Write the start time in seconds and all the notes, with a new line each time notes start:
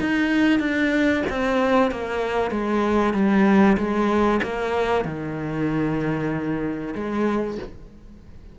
0.00 D#4
0.59 D4
1.29 C4
1.91 A#3
2.50 G#3
3.13 G3
3.77 G#3
4.43 A#3
5.04 D#3
6.94 G#3